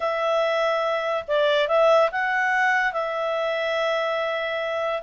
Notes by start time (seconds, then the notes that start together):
0.00 E5
1.27 D5
1.67 E5
2.11 F#5
2.92 E5